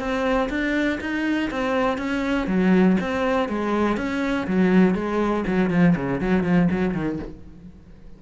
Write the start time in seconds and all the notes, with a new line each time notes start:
0.00 C4
0.50 D4
1.01 D#4
1.51 C4
1.98 C#4
2.47 F#3
3.01 C4
3.49 G#3
3.98 C#4
4.48 F#3
4.95 G#3
5.47 F#3
5.71 F3
5.96 C#3
6.21 F#3
6.44 F3
6.71 F#3
6.95 D#3